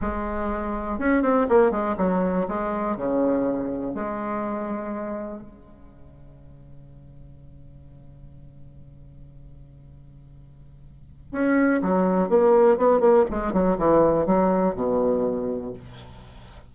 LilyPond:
\new Staff \with { instrumentName = "bassoon" } { \time 4/4 \tempo 4 = 122 gis2 cis'8 c'8 ais8 gis8 | fis4 gis4 cis2 | gis2. cis4~ | cis1~ |
cis1~ | cis2. cis'4 | fis4 ais4 b8 ais8 gis8 fis8 | e4 fis4 b,2 | }